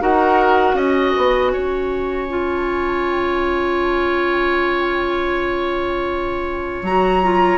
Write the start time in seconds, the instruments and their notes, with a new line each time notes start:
0.00 bassoon D#4, clarinet F#4, oboe A#4, flute F#5
0.74 bassoon C#4, oboe D#5, flute G#5
1.17 bassoon B3
1.52 bassoon C#4, oboe C#5
2.29 clarinet F4
6.82 bassoon F#3, clarinet F#4, flute A#5
7.23 clarinet F4